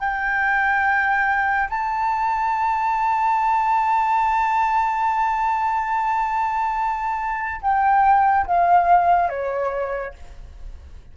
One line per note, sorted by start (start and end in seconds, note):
0.00 1.69 G5
1.70 7.61 A5
7.62 8.46 G5
8.47 9.30 F5
9.30 10.14 C#5